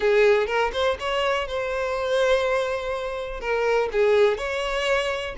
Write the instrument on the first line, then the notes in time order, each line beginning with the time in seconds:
violin
0.00 G#4
0.46 A#4
0.72 C5
0.99 C#5
1.47 C5
3.40 A#4
3.92 G#4
4.37 C#5